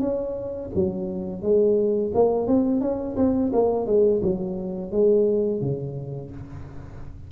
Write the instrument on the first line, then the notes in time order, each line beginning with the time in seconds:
tuba
0.00 C#4
0.75 F#3
1.42 G#3
2.14 A#3
2.47 C4
2.81 C#4
3.16 C4
3.52 A#3
3.86 G#3
4.22 F#3
4.91 G#3
5.61 C#3